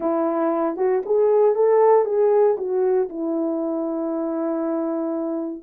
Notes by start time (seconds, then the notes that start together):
0.00 E4
0.76 F#4
1.05 G#4
1.55 A4
2.05 G#4
2.57 F#4
3.09 E4